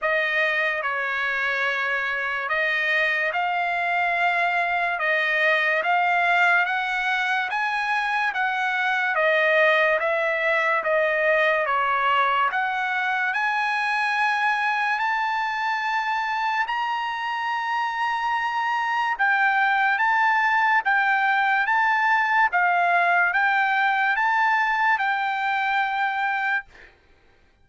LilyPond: \new Staff \with { instrumentName = "trumpet" } { \time 4/4 \tempo 4 = 72 dis''4 cis''2 dis''4 | f''2 dis''4 f''4 | fis''4 gis''4 fis''4 dis''4 | e''4 dis''4 cis''4 fis''4 |
gis''2 a''2 | ais''2. g''4 | a''4 g''4 a''4 f''4 | g''4 a''4 g''2 | }